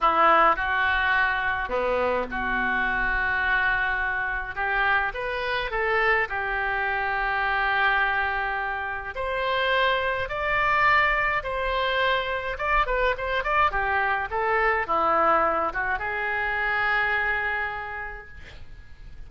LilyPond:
\new Staff \with { instrumentName = "oboe" } { \time 4/4 \tempo 4 = 105 e'4 fis'2 b4 | fis'1 | g'4 b'4 a'4 g'4~ | g'1 |
c''2 d''2 | c''2 d''8 b'8 c''8 d''8 | g'4 a'4 e'4. fis'8 | gis'1 | }